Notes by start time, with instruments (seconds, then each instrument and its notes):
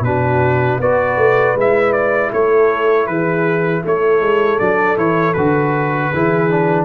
0.00 tuba B2, trombone D4, horn F#4, trumpet B4
0.79 tuba B3, trombone F#4, horn B4, trumpet D5
1.16 tuba A3
1.55 tuba G#3, trombone E4, trumpet E5
1.92 trumpet D5
2.32 tuba A3, horn A4, trumpet C#5
3.06 tuba E3, horn G#4, trumpet B4
3.83 tuba A3, horn A4, trumpet C#5
4.20 tuba G#3
4.59 tuba F#3, trombone D4, trumpet D5
4.97 tuba E3, trombone E4, trumpet C#5
5.33 tuba D3, trombone F#4, trumpet B4
6.10 tuba E3, trombone E4, horn G#4
6.50 trombone D4